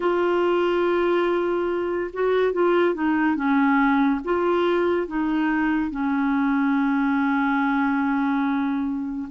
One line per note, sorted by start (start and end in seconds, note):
0.00 2.10 F4
2.13 2.52 F#4
2.52 2.94 F4
2.94 3.35 D#4
3.35 4.20 C#4
4.24 5.07 F4
5.07 5.90 D#4
5.90 9.28 C#4